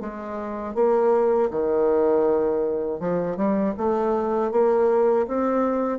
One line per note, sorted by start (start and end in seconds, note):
0.00 0.74 G#3
0.74 1.49 A#3
1.50 2.99 D#3
2.99 3.36 F3
3.36 3.74 G3
3.77 4.51 A3
4.51 5.26 A#3
5.27 5.98 C4